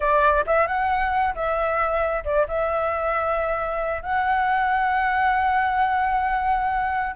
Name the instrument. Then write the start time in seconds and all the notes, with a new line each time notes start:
flute
0.00 D5
0.46 E5
0.67 F#5
1.34 E5
2.24 D5
2.47 E5
4.02 F#5